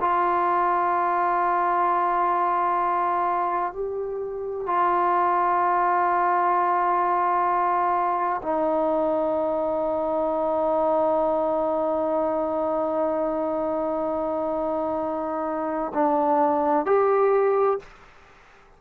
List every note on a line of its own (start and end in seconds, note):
0.00 3.72 F4
3.72 4.66 G4
4.66 8.41 F4
8.42 15.92 D#4
15.93 16.85 D4
16.85 17.79 G4